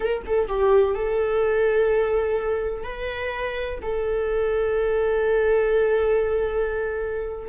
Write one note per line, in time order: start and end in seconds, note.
0.00 0.22 A#4
0.26 0.48 A4
0.48 0.95 G4
0.95 2.83 A4
2.83 3.79 B4
3.82 7.49 A4